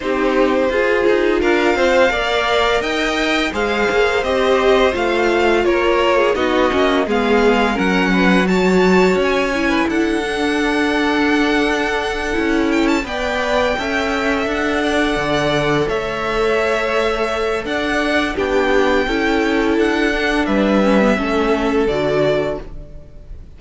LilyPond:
<<
  \new Staff \with { instrumentName = "violin" } { \time 4/4 \tempo 4 = 85 c''2 f''2 | g''4 f''4 dis''4 f''4 | cis''4 dis''4 f''4 fis''4 | a''4 gis''4 fis''2~ |
fis''2 g''16 a''16 g''4.~ | g''8 fis''2 e''4.~ | e''4 fis''4 g''2 | fis''4 e''2 d''4 | }
  \new Staff \with { instrumentName = "violin" } { \time 4/4 g'4 gis'4 ais'8 c''8 d''4 | dis''4 c''2. | ais'8. gis'16 fis'4 gis'4 ais'8 b'8 | cis''4.~ cis''16 b'16 a'2~ |
a'2~ a'8 d''4 e''8~ | e''4 d''4. cis''4.~ | cis''4 d''4 g'4 a'4~ | a'4 b'4 a'2 | }
  \new Staff \with { instrumentName = "viola" } { \time 4/4 dis'4 f'2 ais'4~ | ais'4 gis'4 g'4 f'4~ | f'4 dis'8 cis'8 b4 cis'4 | fis'4. e'4 d'4.~ |
d'4. e'4 b'4 a'8~ | a'1~ | a'2 d'4 e'4~ | e'8 d'4 cis'16 b16 cis'4 fis'4 | }
  \new Staff \with { instrumentName = "cello" } { \time 4/4 c'4 f'8 dis'8 d'8 c'8 ais4 | dis'4 gis8 ais8 c'4 a4 | ais4 b8 ais8 gis4 fis4~ | fis4 cis'4 d'2~ |
d'4. cis'4 b4 cis'8~ | cis'8 d'4 d4 a4.~ | a4 d'4 b4 cis'4 | d'4 g4 a4 d4 | }
>>